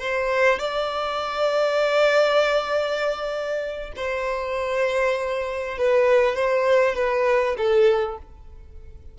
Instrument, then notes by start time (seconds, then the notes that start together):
violin
0.00 C5
0.59 D5
3.96 C5
5.78 B4
6.36 C5
6.95 B4
7.57 A4